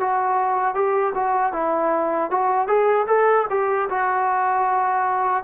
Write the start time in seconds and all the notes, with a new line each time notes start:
0.00 F#4
0.75 G4
1.15 F#4
1.53 E4
2.31 F#4
2.67 G#4
3.07 A4
3.50 G4
3.90 F#4